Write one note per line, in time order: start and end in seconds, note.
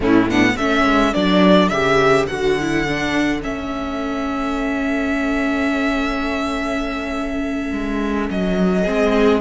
0.00 0.55 A2
0.00 0.28 A3
0.00 0.29 C#4
0.00 0.30 E4
0.29 0.57 B3
0.29 0.56 D4
0.29 0.57 F#5
0.56 0.84 A3
0.56 1.13 C#4
0.56 8.83 A4
0.56 1.13 E5
0.84 1.13 G#3
1.13 1.70 F#3
1.13 1.70 D4
1.13 1.68 D5
1.68 2.27 C#3
1.68 2.29 G4
1.68 2.25 E5
2.26 3.44 D3
2.26 2.58 F#4
2.26 3.41 F#5
2.60 2.87 E4
2.87 3.41 D4
3.41 7.72 A3
3.41 8.84 C#4
3.41 8.29 E5
7.72 8.29 G#3
8.30 8.87 F#3
8.30 9.41 D#5
8.83 9.41 G#3
8.83 9.41 C4
8.83 9.40 G#4